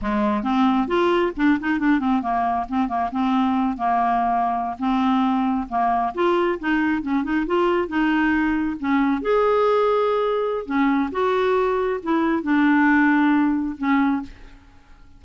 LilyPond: \new Staff \with { instrumentName = "clarinet" } { \time 4/4 \tempo 4 = 135 gis4 c'4 f'4 d'8 dis'8 | d'8 c'8 ais4 c'8 ais8 c'4~ | c'8 ais2~ ais16 c'4~ c'16~ | c'8. ais4 f'4 dis'4 cis'16~ |
cis'16 dis'8 f'4 dis'2 cis'16~ | cis'8. gis'2.~ gis'16 | cis'4 fis'2 e'4 | d'2. cis'4 | }